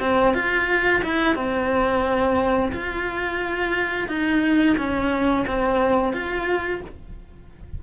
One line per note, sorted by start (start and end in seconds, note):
0.00 0.34 C4
0.34 1.02 F4
1.04 1.35 E4
1.35 2.72 C4
2.72 4.08 F4
4.08 4.76 D#4
4.77 5.45 C#4
5.47 6.13 C4
6.13 6.81 F4